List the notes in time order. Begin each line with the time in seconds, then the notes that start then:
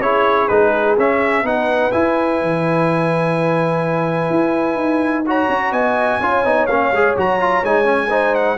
0.00 C#4 E4 G#4 C#5
0.48 G#3 D#4 B4
0.98 C#4 E5
1.43 B3 D#4 B4 F#5
1.91 E4 G#5
2.42 E3
4.30 E4
4.75 D#4
5.26 F#4 C#5 A#5
5.49 C#4
5.72 B3 D#5 G#5
6.20 C#4 F4 C#5
6.45 B3 D#4
6.66 A#3 C#4 F5
6.92 G#3 G#4
7.17 F#3 F#4 A#5
7.40 F4
7.63 G#3 D#4 G#5
7.84 C#4
8.10 D#4 C5
8.35 F#5